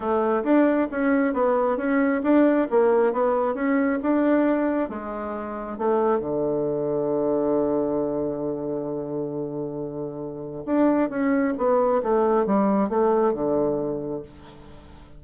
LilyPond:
\new Staff \with { instrumentName = "bassoon" } { \time 4/4 \tempo 4 = 135 a4 d'4 cis'4 b4 | cis'4 d'4 ais4 b4 | cis'4 d'2 gis4~ | gis4 a4 d2~ |
d1~ | d1 | d'4 cis'4 b4 a4 | g4 a4 d2 | }